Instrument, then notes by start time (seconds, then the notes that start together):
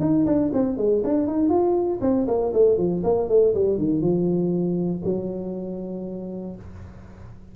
tuba
0.00 D#4
0.26 D4
0.53 C4
0.77 G#3
1.04 D4
1.27 D#4
1.49 F4
2.01 C4
2.27 A#3
2.53 A3
2.78 F3
3.04 A#3
3.29 A3
3.54 G3
3.78 D#3
4.01 F3
5.04 F#3